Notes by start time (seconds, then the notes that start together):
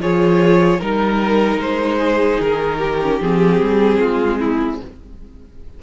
0.00 F3 F4 G#4 C#5
0.79 G3 D#4 A#4
1.57 G#3 C5
1.99 G#4
2.40 D#3 A#4
2.79 G4
3.02 C#4
3.21 F3 C4 G#4
3.61 G3
3.99 G#3 F4
4.40 E4